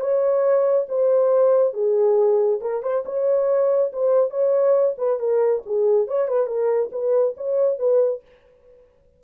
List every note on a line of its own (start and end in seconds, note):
0.00 0.86 C#5
0.89 1.73 C5
1.73 2.59 G#4
2.61 2.82 A#4
2.82 3.04 C5
3.05 3.92 C#5
3.92 4.30 C5
4.30 4.95 C#5
4.98 5.19 B4
5.19 5.62 A#4
5.66 6.07 G#4
6.07 6.28 C#5
6.28 6.46 B4
6.46 6.90 A#4
6.92 7.35 B4
7.37 7.79 C#5
7.79 8.22 B4